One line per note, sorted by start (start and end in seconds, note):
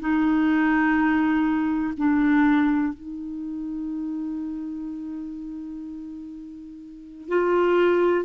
0.00 1.94 D#4
1.97 2.93 D4
2.93 7.28 D#4
7.28 8.25 F4